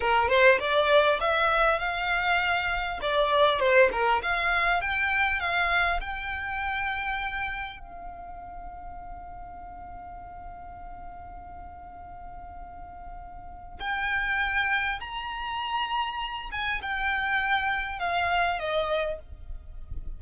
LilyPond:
\new Staff \with { instrumentName = "violin" } { \time 4/4 \tempo 4 = 100 ais'8 c''8 d''4 e''4 f''4~ | f''4 d''4 c''8 ais'8 f''4 | g''4 f''4 g''2~ | g''4 f''2.~ |
f''1~ | f''2. g''4~ | g''4 ais''2~ ais''8 gis''8 | g''2 f''4 dis''4 | }